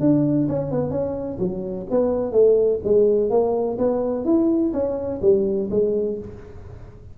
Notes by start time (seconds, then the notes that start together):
0.00 D4
0.49 C#4
0.71 B3
0.90 C#4
1.39 F#3
1.91 B3
2.32 A3
2.84 G#3
3.30 A#3
3.78 B3
4.25 E4
4.73 C#4
5.22 G3
5.71 G#3